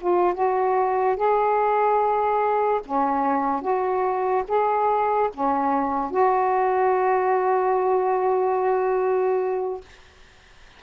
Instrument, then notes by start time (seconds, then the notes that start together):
saxophone
0.00 F4
0.34 F#4
1.16 G#4
2.85 C#4
3.61 F#4
4.48 G#4
5.33 C#4
6.10 F#4